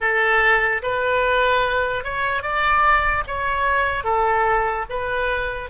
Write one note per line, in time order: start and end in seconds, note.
0.00 0.81 A4
0.82 2.04 B4
2.04 2.42 C#5
2.42 3.23 D5
3.27 4.04 C#5
4.04 4.85 A4
4.89 5.69 B4